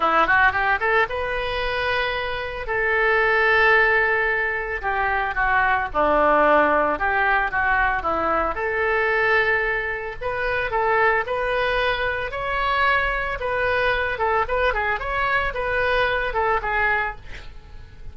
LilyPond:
\new Staff \with { instrumentName = "oboe" } { \time 4/4 \tempo 4 = 112 e'8 fis'8 g'8 a'8 b'2~ | b'4 a'2.~ | a'4 g'4 fis'4 d'4~ | d'4 g'4 fis'4 e'4 |
a'2. b'4 | a'4 b'2 cis''4~ | cis''4 b'4. a'8 b'8 gis'8 | cis''4 b'4. a'8 gis'4 | }